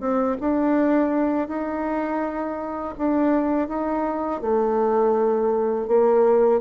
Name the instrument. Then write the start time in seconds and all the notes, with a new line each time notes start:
bassoon
0.00 C4
0.40 D4
1.48 D#4
2.98 D4
3.68 D#4
4.41 A3
5.87 A#3